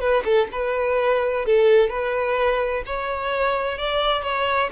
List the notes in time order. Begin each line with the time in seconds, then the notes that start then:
0.00 B4
0.25 A4
0.52 B4
1.46 A4
1.90 B4
2.86 C#5
3.78 D5
4.23 C#5